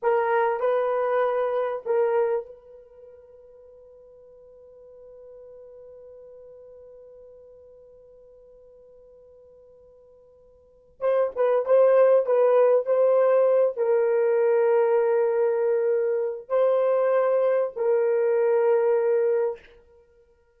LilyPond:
\new Staff \with { instrumentName = "horn" } { \time 4/4 \tempo 4 = 98 ais'4 b'2 ais'4 | b'1~ | b'1~ | b'1~ |
b'2 c''8 b'8 c''4 | b'4 c''4. ais'4.~ | ais'2. c''4~ | c''4 ais'2. | }